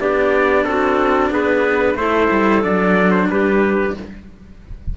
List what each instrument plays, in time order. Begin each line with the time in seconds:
0.00 cello B3 D4, clarinet G4, trumpet D5
0.65 cello C4, clarinet F#4, trumpet A4
1.30 cello B3, clarinet G#4, trumpet B4
1.95 cello A3 E4, clarinet A4, trumpet C5
2.31 cello G3
2.62 cello F#3 D4, trumpet D5
3.11 trumpet C5
3.30 cello G3, clarinet G4, trumpet B4